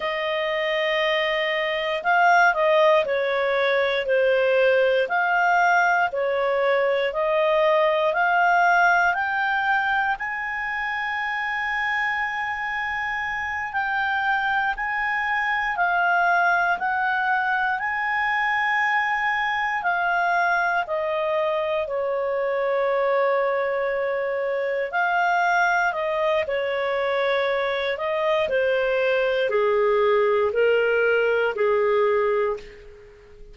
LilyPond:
\new Staff \with { instrumentName = "clarinet" } { \time 4/4 \tempo 4 = 59 dis''2 f''8 dis''8 cis''4 | c''4 f''4 cis''4 dis''4 | f''4 g''4 gis''2~ | gis''4. g''4 gis''4 f''8~ |
f''8 fis''4 gis''2 f''8~ | f''8 dis''4 cis''2~ cis''8~ | cis''8 f''4 dis''8 cis''4. dis''8 | c''4 gis'4 ais'4 gis'4 | }